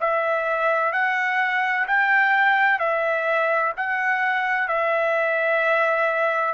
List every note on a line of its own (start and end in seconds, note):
0.00 0.92 E5
0.92 1.86 F#5
1.87 2.79 G5
2.79 3.72 E5
3.76 4.67 F#5
4.67 6.54 E5